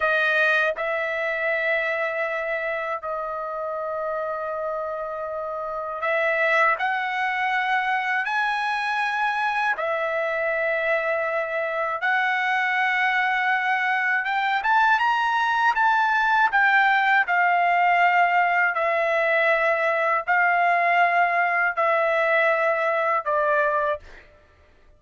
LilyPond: \new Staff \with { instrumentName = "trumpet" } { \time 4/4 \tempo 4 = 80 dis''4 e''2. | dis''1 | e''4 fis''2 gis''4~ | gis''4 e''2. |
fis''2. g''8 a''8 | ais''4 a''4 g''4 f''4~ | f''4 e''2 f''4~ | f''4 e''2 d''4 | }